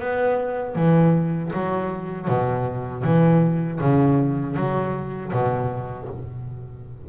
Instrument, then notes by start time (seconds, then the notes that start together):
double bass
0.00 B3
0.76 E3
1.53 F#3
2.28 B2
3.04 E3
3.80 C#3
4.57 F#3
5.33 B2